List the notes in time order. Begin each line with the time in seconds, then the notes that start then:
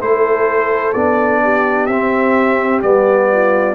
0.00 A3 E4 A4 C5
0.93 B3 D4 D5
1.43 G4
1.86 C4 E5
2.81 G3 B3 D5
3.32 F4